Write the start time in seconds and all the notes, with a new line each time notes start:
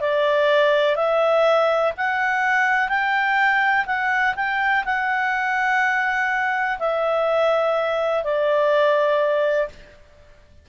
0.00 D5
0.95 E5
1.97 F#5
2.88 G5
3.86 F#5
4.35 G5
4.85 F#5
6.79 E5
8.23 D5